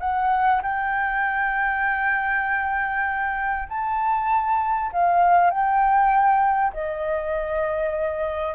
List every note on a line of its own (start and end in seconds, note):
0.00 0.61 F#5
0.62 3.68 G5
3.68 4.91 A5
4.92 5.50 F5
5.50 6.73 G5
6.73 8.55 D#5